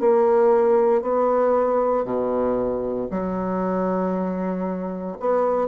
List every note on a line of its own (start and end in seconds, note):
0.00 1.02 A#3
1.02 2.05 B3
2.05 3.08 B2
3.11 5.18 F#3
5.20 5.68 B3